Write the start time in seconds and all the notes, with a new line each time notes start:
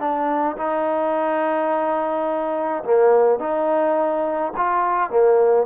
0.00 D4
0.58 D#4
2.84 A#3
3.39 D#4
4.57 F4
5.10 A#3